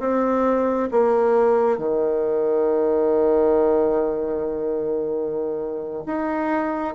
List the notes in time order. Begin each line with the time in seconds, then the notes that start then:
0.00 C4
0.92 A#3
1.78 D#3
6.06 D#4